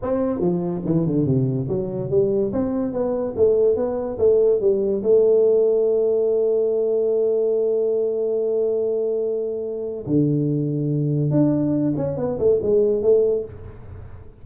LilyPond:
\new Staff \with { instrumentName = "tuba" } { \time 4/4 \tempo 4 = 143 c'4 f4 e8 d8 c4 | fis4 g4 c'4 b4 | a4 b4 a4 g4 | a1~ |
a1~ | a1 | d2. d'4~ | d'8 cis'8 b8 a8 gis4 a4 | }